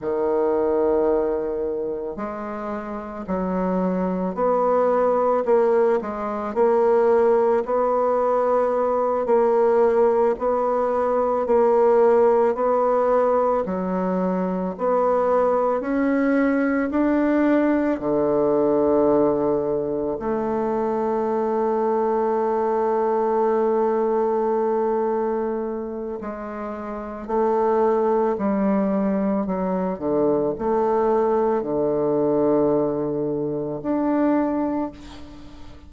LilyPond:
\new Staff \with { instrumentName = "bassoon" } { \time 4/4 \tempo 4 = 55 dis2 gis4 fis4 | b4 ais8 gis8 ais4 b4~ | b8 ais4 b4 ais4 b8~ | b8 fis4 b4 cis'4 d'8~ |
d'8 d2 a4.~ | a1 | gis4 a4 g4 fis8 d8 | a4 d2 d'4 | }